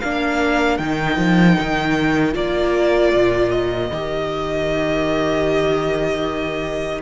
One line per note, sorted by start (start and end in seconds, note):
0.00 0.79 A#3
0.00 0.80 D4
0.00 7.02 A#4
0.00 0.78 F5
0.78 1.17 D#3
0.78 2.32 D#4
0.78 2.34 G5
1.17 1.56 F3
1.60 2.35 D#3
2.32 3.13 A#3
2.32 3.88 F4
2.32 3.51 D5
3.13 3.91 A#2
3.51 7.01 D#5
3.91 7.02 D#3
3.91 7.02 G4